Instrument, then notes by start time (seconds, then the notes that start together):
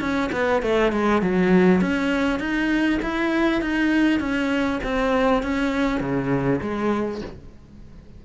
cello
0.00 C#4
0.32 B3
0.62 A3
0.92 G#3
1.21 F#3
1.81 C#4
2.39 D#4
3.02 E4
3.61 D#4
4.19 C#4
4.83 C4
5.42 C#4
6.00 C#3
6.61 G#3